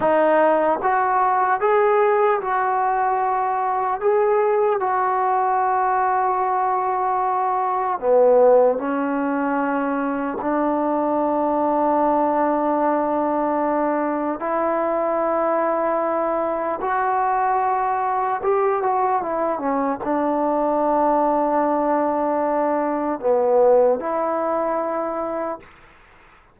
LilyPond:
\new Staff \with { instrumentName = "trombone" } { \time 4/4 \tempo 4 = 75 dis'4 fis'4 gis'4 fis'4~ | fis'4 gis'4 fis'2~ | fis'2 b4 cis'4~ | cis'4 d'2.~ |
d'2 e'2~ | e'4 fis'2 g'8 fis'8 | e'8 cis'8 d'2.~ | d'4 b4 e'2 | }